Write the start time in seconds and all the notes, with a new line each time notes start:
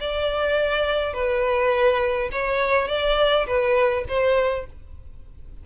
0.00 D5
1.13 B4
2.32 C#5
2.88 D5
3.46 B4
4.08 C5